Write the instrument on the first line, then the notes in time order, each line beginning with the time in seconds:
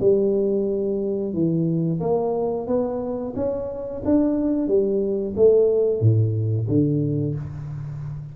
tuba
0.00 G3
1.33 E3
2.00 A#3
2.67 B3
3.36 C#4
4.05 D4
4.68 G3
5.36 A3
6.00 A2
6.68 D3